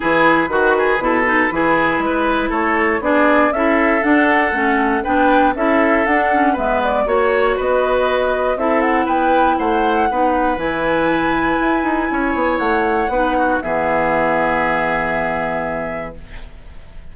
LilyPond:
<<
  \new Staff \with { instrumentName = "flute" } { \time 4/4 \tempo 4 = 119 b'1~ | b'4 cis''4 d''4 e''4 | fis''2 g''4 e''4 | fis''4 e''8 d''8 cis''4 dis''4~ |
dis''4 e''8 fis''8 g''4 fis''4~ | fis''4 gis''2.~ | gis''4 fis''2 e''4~ | e''1 | }
  \new Staff \with { instrumentName = "oboe" } { \time 4/4 gis'4 fis'8 gis'8 a'4 gis'4 | b'4 a'4 gis'4 a'4~ | a'2 b'4 a'4~ | a'4 b'4 cis''4 b'4~ |
b'4 a'4 b'4 c''4 | b'1 | cis''2 b'8 fis'8 gis'4~ | gis'1 | }
  \new Staff \with { instrumentName = "clarinet" } { \time 4/4 e'4 fis'4 e'8 dis'8 e'4~ | e'2 d'4 e'4 | d'4 cis'4 d'4 e'4 | d'8 cis'8 b4 fis'2~ |
fis'4 e'2. | dis'4 e'2.~ | e'2 dis'4 b4~ | b1 | }
  \new Staff \with { instrumentName = "bassoon" } { \time 4/4 e4 dis4 b,4 e4 | gis4 a4 b4 cis'4 | d'4 a4 b4 cis'4 | d'4 gis4 ais4 b4~ |
b4 c'4 b4 a4 | b4 e2 e'8 dis'8 | cis'8 b8 a4 b4 e4~ | e1 | }
>>